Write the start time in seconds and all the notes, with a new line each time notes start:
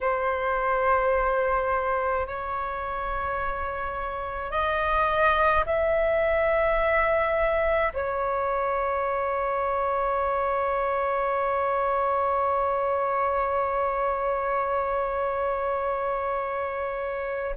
0.01 C5
2.26 C#5
4.51 D#5
5.66 E5
7.93 C#5